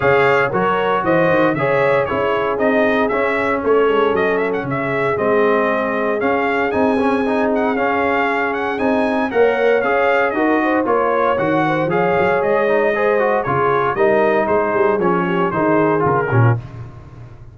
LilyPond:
<<
  \new Staff \with { instrumentName = "trumpet" } { \time 4/4 \tempo 4 = 116 f''4 cis''4 dis''4 e''4 | cis''4 dis''4 e''4 cis''4 | dis''8 e''16 fis''16 e''4 dis''2 | f''4 gis''4. fis''8 f''4~ |
f''8 fis''8 gis''4 fis''4 f''4 | dis''4 cis''4 fis''4 f''4 | dis''2 cis''4 dis''4 | c''4 cis''4 c''4 ais'4 | }
  \new Staff \with { instrumentName = "horn" } { \time 4/4 cis''4 ais'4 c''4 cis''4 | gis'2. a'4~ | a'4 gis'2.~ | gis'1~ |
gis'2 cis''2 | ais'8 c''8 cis''4. c''8 cis''4~ | cis''4 c''4 gis'4 ais'4 | gis'4. g'8 gis'4. g'16 f'16 | }
  \new Staff \with { instrumentName = "trombone" } { \time 4/4 gis'4 fis'2 gis'4 | e'4 dis'4 cis'2~ | cis'2 c'2 | cis'4 dis'8 cis'8 dis'4 cis'4~ |
cis'4 dis'4 ais'4 gis'4 | fis'4 f'4 fis'4 gis'4~ | gis'8 dis'8 gis'8 fis'8 f'4 dis'4~ | dis'4 cis'4 dis'4 f'8 cis'8 | }
  \new Staff \with { instrumentName = "tuba" } { \time 4/4 cis4 fis4 e8 dis8 cis4 | cis'4 c'4 cis'4 a8 gis8 | fis4 cis4 gis2 | cis'4 c'2 cis'4~ |
cis'4 c'4 ais4 cis'4 | dis'4 ais4 dis4 f8 fis8 | gis2 cis4 g4 | gis8 g8 f4 dis4 cis8 ais,8 | }
>>